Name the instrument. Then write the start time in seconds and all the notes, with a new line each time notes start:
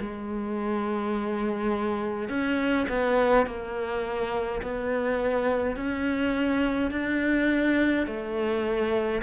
cello
0.00 G#3
2.29 C#4
2.89 B3
3.46 A#3
4.63 B3
5.76 C#4
6.91 D4
8.07 A3